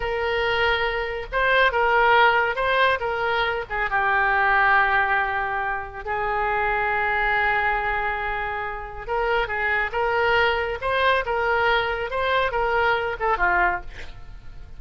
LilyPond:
\new Staff \with { instrumentName = "oboe" } { \time 4/4 \tempo 4 = 139 ais'2. c''4 | ais'2 c''4 ais'4~ | ais'8 gis'8 g'2.~ | g'2 gis'2~ |
gis'1~ | gis'4 ais'4 gis'4 ais'4~ | ais'4 c''4 ais'2 | c''4 ais'4. a'8 f'4 | }